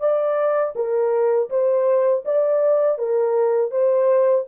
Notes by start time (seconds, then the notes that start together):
0.00 D5
0.76 A#4
1.50 C5
2.25 D5
2.99 A#4
3.71 C5